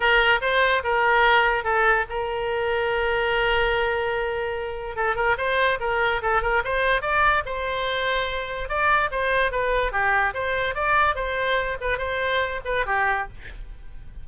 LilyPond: \new Staff \with { instrumentName = "oboe" } { \time 4/4 \tempo 4 = 145 ais'4 c''4 ais'2 | a'4 ais'2.~ | ais'1 | a'8 ais'8 c''4 ais'4 a'8 ais'8 |
c''4 d''4 c''2~ | c''4 d''4 c''4 b'4 | g'4 c''4 d''4 c''4~ | c''8 b'8 c''4. b'8 g'4 | }